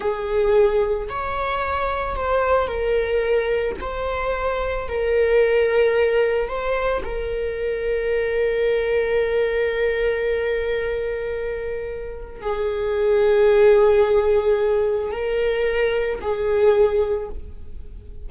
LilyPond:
\new Staff \with { instrumentName = "viola" } { \time 4/4 \tempo 4 = 111 gis'2 cis''2 | c''4 ais'2 c''4~ | c''4 ais'2. | c''4 ais'2.~ |
ais'1~ | ais'2. gis'4~ | gis'1 | ais'2 gis'2 | }